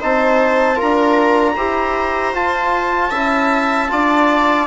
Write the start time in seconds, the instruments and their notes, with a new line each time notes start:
0.00 bassoon C4, trombone D#4, viola C5, trumpet A5
0.75 bassoon D4, trombone F4, viola A#4, trumpet A#5
1.55 bassoon E4, trombone G4, viola C5
2.33 bassoon F4, trombone F4, trumpet A5
3.10 bassoon C#4, trombone E4, viola E5
3.89 bassoon D4, trombone F4, viola D5